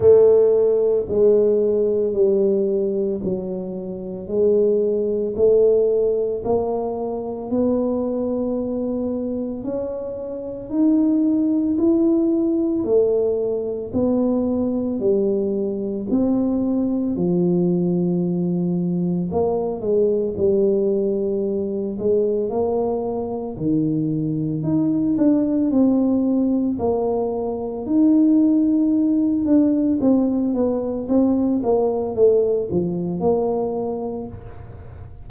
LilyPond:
\new Staff \with { instrumentName = "tuba" } { \time 4/4 \tempo 4 = 56 a4 gis4 g4 fis4 | gis4 a4 ais4 b4~ | b4 cis'4 dis'4 e'4 | a4 b4 g4 c'4 |
f2 ais8 gis8 g4~ | g8 gis8 ais4 dis4 dis'8 d'8 | c'4 ais4 dis'4. d'8 | c'8 b8 c'8 ais8 a8 f8 ais4 | }